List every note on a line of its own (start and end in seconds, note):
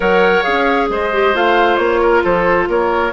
0.00 0.41 F#3
0.00 0.43 A#4
0.00 0.90 C#5
0.00 0.43 F#5
0.43 0.89 C#4
0.43 1.10 G#4
0.43 0.87 F5
0.89 1.34 G#3
0.89 2.01 C5
0.89 1.35 D#5
1.12 1.33 G4
1.33 1.78 A3
1.33 3.12 F4
1.33 1.76 F5
1.76 2.22 A#3
1.76 2.21 C#5
2.01 2.23 A#4
2.23 2.68 F3
2.23 2.68 A4
2.23 2.69 C5
2.68 3.12 A#3
2.68 3.12 A#4
2.68 3.12 C#5